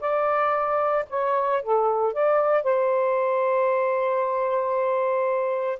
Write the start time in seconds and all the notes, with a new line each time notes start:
0.00 D5
1.10 C#5
1.62 A4
2.14 D5
2.64 C5